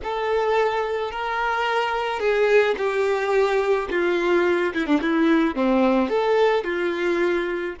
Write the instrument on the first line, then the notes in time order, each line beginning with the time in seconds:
violin
0.03 A4
1.11 A#4
2.19 G#4
2.77 G4
3.90 F4
4.74 E4
4.86 D4
5.01 E4
5.55 C4
6.09 A4
6.64 F4